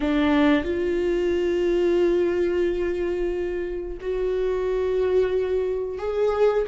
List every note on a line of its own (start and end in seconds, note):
0.00 0.64 D4
0.64 3.98 F4
4.00 5.98 F#4
5.98 6.65 G#4